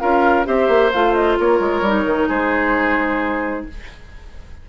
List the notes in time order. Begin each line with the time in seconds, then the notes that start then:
0.00 C#4 F4 A#4 F5
0.46 C4 G4 C5 E5
0.69 A#3
0.92 A3 F4 F5
1.15 D#5
1.40 A#3 A#4 C#5
1.60 G#3
1.82 G3 D#4
2.06 D#3
2.28 G#3 G#4 C5